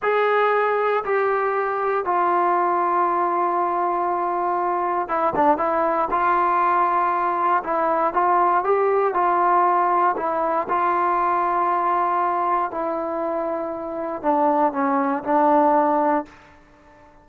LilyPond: \new Staff \with { instrumentName = "trombone" } { \time 4/4 \tempo 4 = 118 gis'2 g'2 | f'1~ | f'2 e'8 d'8 e'4 | f'2. e'4 |
f'4 g'4 f'2 | e'4 f'2.~ | f'4 e'2. | d'4 cis'4 d'2 | }